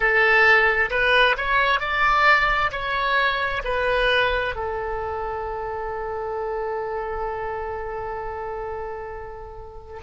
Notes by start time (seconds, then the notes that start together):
0.00 A4
0.90 B4
1.37 C#5
1.80 D5
2.71 C#5
3.64 B4
4.55 A4